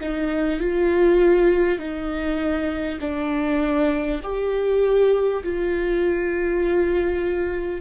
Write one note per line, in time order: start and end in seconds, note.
0.00 0.59 D#4
0.59 1.78 F4
1.78 2.98 D#4
3.01 4.21 D4
4.23 5.43 G4
5.43 7.81 F4